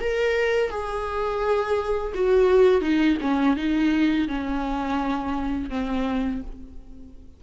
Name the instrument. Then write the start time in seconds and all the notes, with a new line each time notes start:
viola
0.00 A#4
0.70 G#4
2.15 F#4
2.81 D#4
3.21 C#4
3.56 D#4
4.28 C#4
5.70 C4